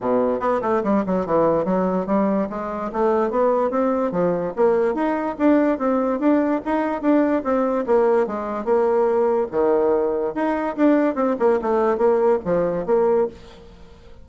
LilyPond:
\new Staff \with { instrumentName = "bassoon" } { \time 4/4 \tempo 4 = 145 b,4 b8 a8 g8 fis8 e4 | fis4 g4 gis4 a4 | b4 c'4 f4 ais4 | dis'4 d'4 c'4 d'4 |
dis'4 d'4 c'4 ais4 | gis4 ais2 dis4~ | dis4 dis'4 d'4 c'8 ais8 | a4 ais4 f4 ais4 | }